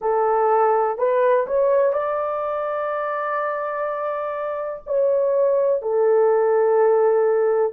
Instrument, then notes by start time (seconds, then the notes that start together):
horn
0.01 A4
0.98 B4
1.46 C#5
1.93 D5
4.86 C#5
5.82 A4